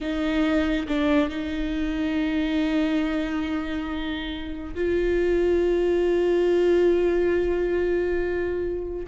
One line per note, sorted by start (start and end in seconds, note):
0.01 0.87 D#4
0.88 1.29 D4
1.29 4.74 D#4
4.74 9.06 F4